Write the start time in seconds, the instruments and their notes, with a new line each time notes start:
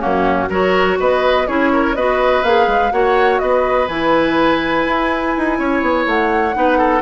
0.00 bassoon F#2, clarinet A#3, oboe C#4, flute F#4
0.49 bassoon F#3, clarinet F#4, oboe A#4, flute C#5
0.99 bassoon B3, oboe B4, flute D#5
1.47 bassoon C#4, clarinet E4, oboe G#4, flute C#5
1.72 oboe A#4
1.95 bassoon B3, clarinet F#4, oboe B4, flute D#5
2.43 bassoon A#3, clarinet G#4, flute F5
2.67 bassoon G#3
2.91 bassoon A#3, clarinet F#4, oboe C#5, flute F#5
3.39 bassoon B3, oboe B4, flute D#5
3.88 bassoon E3, clarinet E4, flute G#5
4.87 bassoon E4
5.37 bassoon D#4
5.58 bassoon C#4, oboe C#5
5.81 bassoon B3
6.06 bassoon A3, flute F#5
6.54 bassoon B3, clarinet D#4, oboe B4
6.78 oboe A4